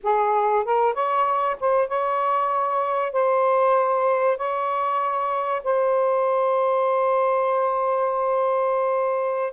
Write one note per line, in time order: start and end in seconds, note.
0.03 0.64 G#4
0.64 0.93 A#4
0.93 1.56 C#5
1.59 1.88 C5
1.88 3.12 C#5
3.12 4.37 C5
4.37 5.62 C#5
5.63 9.53 C5